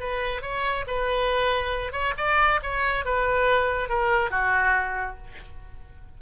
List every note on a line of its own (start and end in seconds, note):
0.00 0.42 B4
0.42 0.85 C#5
0.87 1.93 B4
1.93 2.14 C#5
2.17 2.61 D5
2.63 3.05 C#5
3.05 3.89 B4
3.89 4.31 A#4
4.31 5.17 F#4